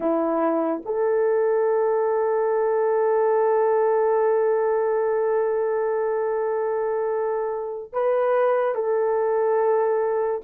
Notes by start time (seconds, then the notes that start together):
0.00 E4
0.85 A4
7.92 B4
8.74 A4